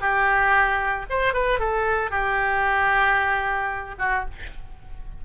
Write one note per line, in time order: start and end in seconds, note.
0.00 1.05 G4
1.09 1.33 C5
1.33 1.59 B4
1.59 2.10 A4
2.10 3.94 G4
3.98 4.24 F#4